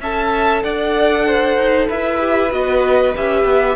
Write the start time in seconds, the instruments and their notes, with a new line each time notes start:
0.00 cello C#4, viola A4, violin E5 A5
0.63 cello D4, violin D5 F#5
1.26 violin C5
1.57 cello D#4
1.87 cello E4, violin B4 E5
2.18 viola G4
2.50 cello B3, viola F#4, violin D#5
3.15 cello C#4, viola G4, violin E5
3.44 cello B3